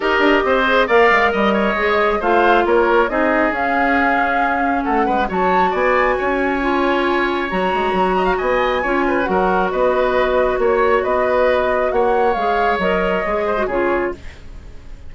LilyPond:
<<
  \new Staff \with { instrumentName = "flute" } { \time 4/4 \tempo 4 = 136 dis''2 f''4 dis''4~ | dis''4 f''4 cis''4 dis''4 | f''2. fis''4 | a''4 gis''2.~ |
gis''4 ais''2 gis''4~ | gis''4 fis''4 dis''2 | cis''4 dis''2 fis''4 | f''4 dis''2 cis''4 | }
  \new Staff \with { instrumentName = "oboe" } { \time 4/4 ais'4 c''4 d''4 dis''8 cis''8~ | cis''4 c''4 ais'4 gis'4~ | gis'2. a'8 b'8 | cis''4 d''4 cis''2~ |
cis''2~ cis''8 dis''16 f''16 dis''4 | cis''8 b'8 ais'4 b'2 | cis''4 b'2 cis''4~ | cis''2~ cis''8 c''8 gis'4 | }
  \new Staff \with { instrumentName = "clarinet" } { \time 4/4 g'4. gis'8 ais'2 | gis'4 f'2 dis'4 | cis'1 | fis'2. f'4~ |
f'4 fis'2. | f'4 fis'2.~ | fis'1 | gis'4 ais'4 gis'8. fis'16 f'4 | }
  \new Staff \with { instrumentName = "bassoon" } { \time 4/4 dis'8 d'8 c'4 ais8 gis8 g4 | gis4 a4 ais4 c'4 | cis'2. a8 gis8 | fis4 b4 cis'2~ |
cis'4 fis8 gis8 fis4 b4 | cis'4 fis4 b2 | ais4 b2 ais4 | gis4 fis4 gis4 cis4 | }
>>